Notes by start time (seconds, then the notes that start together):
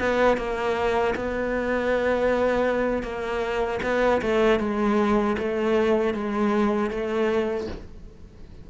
0.00 B3
0.37 A#3
1.16 B3
3.03 A#3
3.83 B3
4.22 A3
4.60 G#3
5.38 A3
6.14 G#3
6.91 A3